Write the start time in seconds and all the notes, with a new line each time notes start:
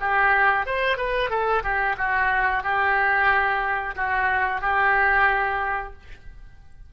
0.00 G4
0.66 C5
0.97 B4
1.30 A4
1.63 G4
1.98 F#4
2.63 G4
3.96 F#4
4.61 G4